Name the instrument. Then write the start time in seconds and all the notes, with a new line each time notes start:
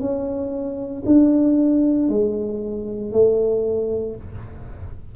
tuba
0.00 C#4
1.05 D4
2.09 G#3
3.12 A3